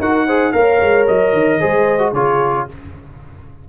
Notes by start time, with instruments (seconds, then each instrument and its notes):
0.00 tuba D#4, trombone F#4, horn A#4, trumpet F#5
0.27 trombone G#4, horn C5
0.52 tuba A#3, trombone A#4, horn C#5, trumpet F5
0.81 tuba G#3
1.08 tuba F#3, trumpet D#5
1.33 tuba D#3
1.60 tuba G#3, trombone G#4, horn C5
1.99 trombone F#4
2.13 tuba C#3, trombone F4, horn G#4, trumpet C#5